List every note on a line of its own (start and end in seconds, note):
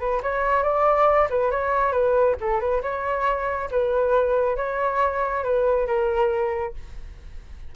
0.00 0.22 B4
0.23 0.63 C#5
0.63 1.29 D5
1.30 1.51 B4
1.51 1.92 C#5
1.92 2.36 B4
2.41 2.61 A4
2.61 2.82 B4
2.83 3.70 C#5
3.71 4.57 B4
4.57 5.44 C#5
5.44 5.87 B4
5.87 6.74 A#4